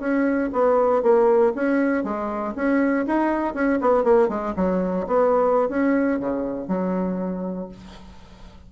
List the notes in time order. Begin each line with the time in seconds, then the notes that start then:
0.00 C#4
0.53 B3
1.03 A#3
1.56 C#4
2.04 G#3
2.56 C#4
3.07 D#4
3.55 C#4
3.81 B3
4.04 A#3
4.29 G#3
4.57 F#3
5.07 B3
5.70 C#4
6.20 C#3
6.68 F#3